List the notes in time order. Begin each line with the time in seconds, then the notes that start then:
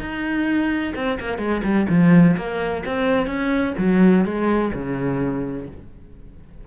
0.00 D#4
0.95 C4
1.20 A#3
1.38 G#3
1.64 G3
1.89 F3
2.37 A#3
2.86 C4
3.27 C#4
3.78 F#3
4.25 G#3
4.73 C#3